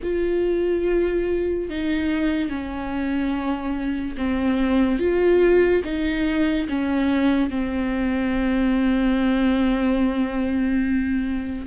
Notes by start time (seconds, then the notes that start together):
0.02 F4
1.69 D#4
2.48 C#4
4.17 C4
4.99 F4
5.84 D#4
6.69 C#4
7.50 C4